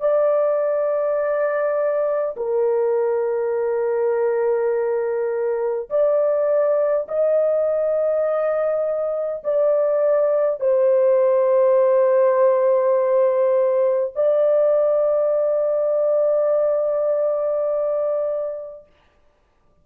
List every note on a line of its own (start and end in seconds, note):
0.00 2.35 D5
2.36 5.89 A#4
5.90 7.07 D5
7.08 9.43 D#5
9.43 10.60 D5
10.60 14.13 C5
14.16 18.86 D5